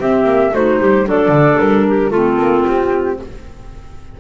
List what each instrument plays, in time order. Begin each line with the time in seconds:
0.00 clarinet C4 G4, double bass C4, flute E5
0.25 double bass A#3
0.53 double bass A3, clarinet D#4 F#4, flute C5
0.81 double bass G3, clarinet G4
1.06 double bass F#3, clarinet D4 A4, flute D5
1.29 double bass D3
1.59 double bass G3, flute A#4
1.88 clarinet G4
2.11 double bass A3, clarinet C4 F4, flute A4
2.38 double bass A#3
2.67 double bass C4, flute G4